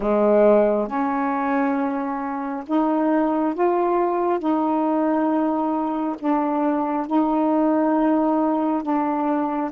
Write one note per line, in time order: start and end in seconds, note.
0.00 0.87 G#3
0.87 2.64 C#4
2.67 3.54 D#4
3.54 4.39 F4
4.39 6.15 D#4
6.19 7.06 D4
7.06 8.82 D#4
8.82 9.71 D4